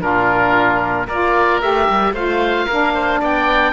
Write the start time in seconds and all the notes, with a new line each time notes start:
0.00 A#2 D4 F4 A#4
1.06 A#3 F4 A#4 D5
1.61 A3 G4 E5
1.89 G3
2.12 A3 F4 C5 F5
2.66 A#3 D4 A#4
2.94 C5
3.20 B3 D5 G5